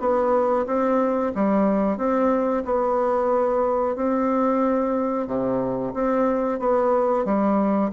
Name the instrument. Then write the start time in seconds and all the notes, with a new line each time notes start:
bassoon
0.00 B3
0.67 C4
1.35 G3
1.98 C4
2.65 B3
3.96 C4
5.27 C3
5.94 C4
6.60 B3
7.26 G3